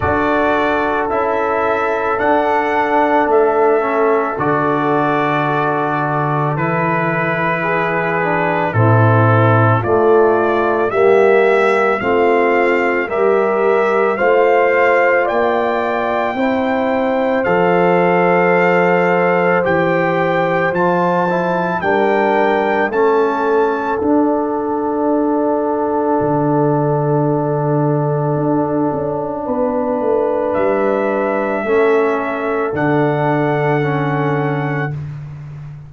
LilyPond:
<<
  \new Staff \with { instrumentName = "trumpet" } { \time 4/4 \tempo 4 = 55 d''4 e''4 fis''4 e''4 | d''2 b'2 | a'4 d''4 e''4 f''4 | e''4 f''4 g''2 |
f''2 g''4 a''4 | g''4 a''4 fis''2~ | fis''1 | e''2 fis''2 | }
  \new Staff \with { instrumentName = "horn" } { \time 4/4 a'1~ | a'2. gis'4 | e'4 f'4 g'4 f'4 | ais'4 c''4 d''4 c''4~ |
c''1 | ais'4 a'2.~ | a'2. b'4~ | b'4 a'2. | }
  \new Staff \with { instrumentName = "trombone" } { \time 4/4 fis'4 e'4 d'4. cis'8 | fis'2 e'4. d'8 | c'4 a4 ais4 c'4 | g'4 f'2 e'4 |
a'2 g'4 f'8 e'8 | d'4 cis'4 d'2~ | d'1~ | d'4 cis'4 d'4 cis'4 | }
  \new Staff \with { instrumentName = "tuba" } { \time 4/4 d'4 cis'4 d'4 a4 | d2 e2 | a,4 a4 g4 a4 | g4 a4 ais4 c'4 |
f2 e4 f4 | g4 a4 d'2 | d2 d'8 cis'8 b8 a8 | g4 a4 d2 | }
>>